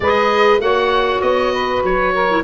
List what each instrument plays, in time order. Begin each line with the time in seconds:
0.00 tuba G#3, clarinet G#4, saxophone B4, oboe D#5
0.59 tuba A#3, clarinet F#4, saxophone C#5, oboe F#5
1.21 tuba B3, oboe D#5
1.53 saxophone B4
1.83 tuba F#3, oboe C#5
2.13 saxophone A#4
2.29 clarinet E4